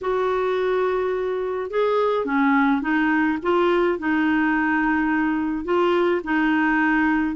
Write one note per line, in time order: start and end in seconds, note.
0.01 1.70 F#4
1.70 2.25 G#4
2.25 2.81 C#4
2.81 3.38 D#4
3.42 3.98 F4
3.98 5.64 D#4
5.64 6.21 F4
6.24 7.35 D#4